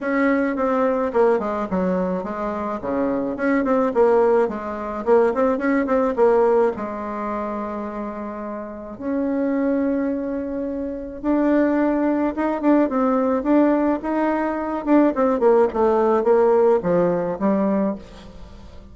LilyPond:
\new Staff \with { instrumentName = "bassoon" } { \time 4/4 \tempo 4 = 107 cis'4 c'4 ais8 gis8 fis4 | gis4 cis4 cis'8 c'8 ais4 | gis4 ais8 c'8 cis'8 c'8 ais4 | gis1 |
cis'1 | d'2 dis'8 d'8 c'4 | d'4 dis'4. d'8 c'8 ais8 | a4 ais4 f4 g4 | }